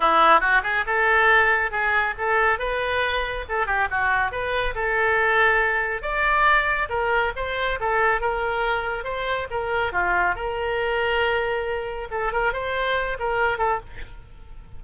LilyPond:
\new Staff \with { instrumentName = "oboe" } { \time 4/4 \tempo 4 = 139 e'4 fis'8 gis'8 a'2 | gis'4 a'4 b'2 | a'8 g'8 fis'4 b'4 a'4~ | a'2 d''2 |
ais'4 c''4 a'4 ais'4~ | ais'4 c''4 ais'4 f'4 | ais'1 | a'8 ais'8 c''4. ais'4 a'8 | }